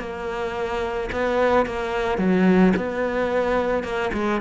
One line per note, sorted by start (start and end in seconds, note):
0.00 1.10 A#3
1.13 1.67 B3
1.67 2.19 A#3
2.19 2.74 F#3
2.77 3.84 B3
3.84 4.12 A#3
4.14 4.41 G#3